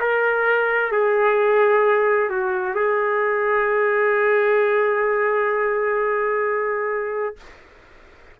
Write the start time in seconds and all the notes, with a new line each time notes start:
0.00 A#4
0.92 G#4
2.30 F#4
2.75 G#4